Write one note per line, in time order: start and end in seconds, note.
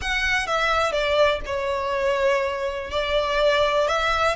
0.01 0.46 F#5
0.46 0.92 E5
0.92 1.40 D5
1.45 2.90 C#5
2.90 3.87 D5
3.87 4.36 E5